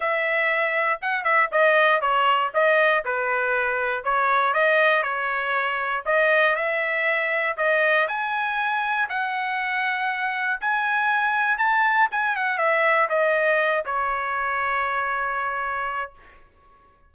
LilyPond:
\new Staff \with { instrumentName = "trumpet" } { \time 4/4 \tempo 4 = 119 e''2 fis''8 e''8 dis''4 | cis''4 dis''4 b'2 | cis''4 dis''4 cis''2 | dis''4 e''2 dis''4 |
gis''2 fis''2~ | fis''4 gis''2 a''4 | gis''8 fis''8 e''4 dis''4. cis''8~ | cis''1 | }